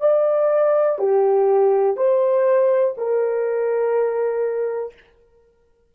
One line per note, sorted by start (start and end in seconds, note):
0.00 0.98 D5
0.98 1.96 G4
1.96 2.95 C5
2.97 4.94 A#4